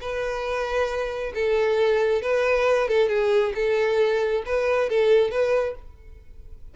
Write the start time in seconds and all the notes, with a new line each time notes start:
0.00 B4
1.34 A4
2.22 B4
2.88 A4
3.08 G#4
3.55 A4
4.45 B4
4.89 A4
5.31 B4